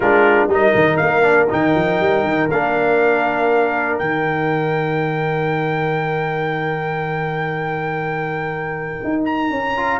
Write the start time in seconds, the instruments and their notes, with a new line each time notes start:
0.00 tuba G#3, trombone D4, horn F4, trumpet A#4
0.46 tuba G3, trombone D#4, horn A#4
0.53 trumpet D#5
0.74 tuba D#3
0.96 tuba A#3, trumpet F5
1.22 trombone D4
1.49 tuba D#3, trombone D#4, trumpet G5
1.75 tuba F3
2.00 tuba G3
2.23 tuba D#3
2.50 tuba A#3, trombone D4, trumpet F5
3.98 tuba D#3, trombone D#4, trumpet G5
9.03 tuba D#4
9.25 trumpet A#5
9.50 tuba C#4
9.76 trombone F4